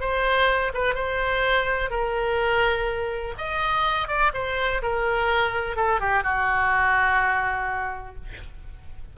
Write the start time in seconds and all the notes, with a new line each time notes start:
0.00 C5
0.73 B4
0.94 C5
1.90 A#4
3.37 D#5
4.08 D5
4.34 C5
4.82 A#4
5.76 A4
6.00 G4
6.23 F#4